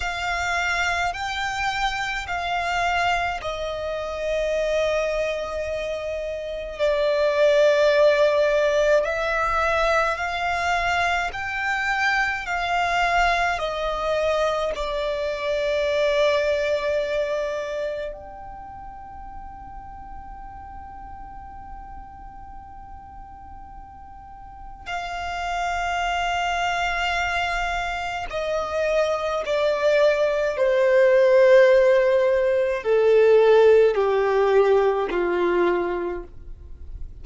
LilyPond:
\new Staff \with { instrumentName = "violin" } { \time 4/4 \tempo 4 = 53 f''4 g''4 f''4 dis''4~ | dis''2 d''2 | e''4 f''4 g''4 f''4 | dis''4 d''2. |
g''1~ | g''2 f''2~ | f''4 dis''4 d''4 c''4~ | c''4 a'4 g'4 f'4 | }